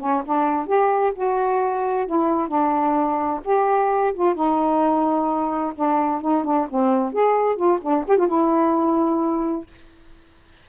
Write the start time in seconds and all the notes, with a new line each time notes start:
0.00 C#4
0.26 D4
0.67 G4
1.15 F#4
2.07 E4
2.48 D4
3.45 G4
4.14 F4
4.35 D#4
5.76 D4
6.22 D#4
6.44 D4
6.70 C4
7.13 G#4
7.56 F4
7.82 D4
8.08 G4
8.18 F4
8.28 E4